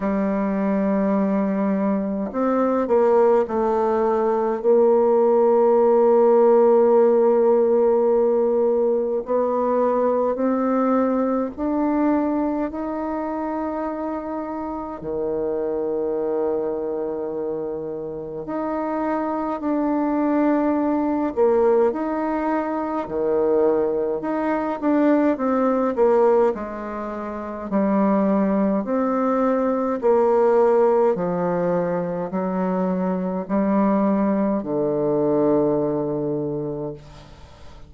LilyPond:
\new Staff \with { instrumentName = "bassoon" } { \time 4/4 \tempo 4 = 52 g2 c'8 ais8 a4 | ais1 | b4 c'4 d'4 dis'4~ | dis'4 dis2. |
dis'4 d'4. ais8 dis'4 | dis4 dis'8 d'8 c'8 ais8 gis4 | g4 c'4 ais4 f4 | fis4 g4 d2 | }